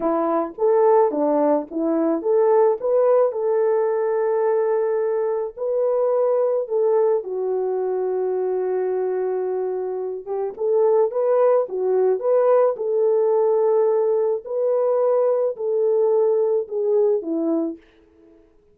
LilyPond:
\new Staff \with { instrumentName = "horn" } { \time 4/4 \tempo 4 = 108 e'4 a'4 d'4 e'4 | a'4 b'4 a'2~ | a'2 b'2 | a'4 fis'2.~ |
fis'2~ fis'8 g'8 a'4 | b'4 fis'4 b'4 a'4~ | a'2 b'2 | a'2 gis'4 e'4 | }